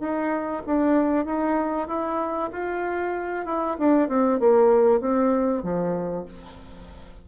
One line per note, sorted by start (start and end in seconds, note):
0.00 0.62 D#4
0.66 1.25 D4
1.25 1.88 D#4
1.88 2.50 E4
2.52 3.46 F4
3.46 3.77 E4
3.79 4.09 D4
4.09 4.40 C4
4.40 5.01 A#3
5.01 5.63 C4
5.63 6.26 F3